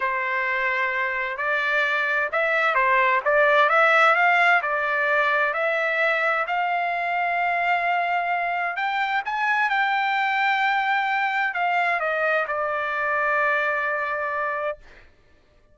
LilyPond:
\new Staff \with { instrumentName = "trumpet" } { \time 4/4 \tempo 4 = 130 c''2. d''4~ | d''4 e''4 c''4 d''4 | e''4 f''4 d''2 | e''2 f''2~ |
f''2. g''4 | gis''4 g''2.~ | g''4 f''4 dis''4 d''4~ | d''1 | }